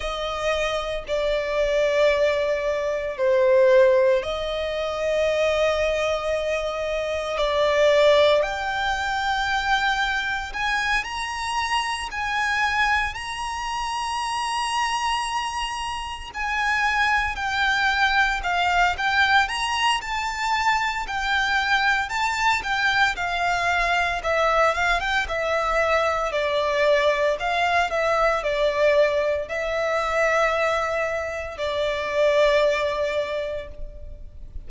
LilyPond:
\new Staff \with { instrumentName = "violin" } { \time 4/4 \tempo 4 = 57 dis''4 d''2 c''4 | dis''2. d''4 | g''2 gis''8 ais''4 gis''8~ | gis''8 ais''2. gis''8~ |
gis''8 g''4 f''8 g''8 ais''8 a''4 | g''4 a''8 g''8 f''4 e''8 f''16 g''16 | e''4 d''4 f''8 e''8 d''4 | e''2 d''2 | }